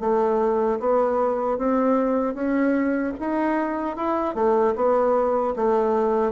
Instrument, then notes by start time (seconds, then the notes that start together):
bassoon
0.00 A3
0.80 B3
1.58 C4
2.34 C#4
3.20 D#4
3.96 E4
4.35 A3
4.75 B3
5.56 A3